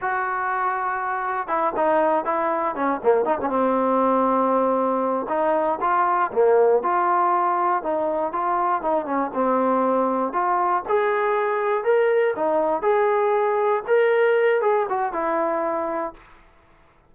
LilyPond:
\new Staff \with { instrumentName = "trombone" } { \time 4/4 \tempo 4 = 119 fis'2. e'8 dis'8~ | dis'8 e'4 cis'8 ais8 dis'16 cis'16 c'4~ | c'2~ c'8 dis'4 f'8~ | f'8 ais4 f'2 dis'8~ |
dis'8 f'4 dis'8 cis'8 c'4.~ | c'8 f'4 gis'2 ais'8~ | ais'8 dis'4 gis'2 ais'8~ | ais'4 gis'8 fis'8 e'2 | }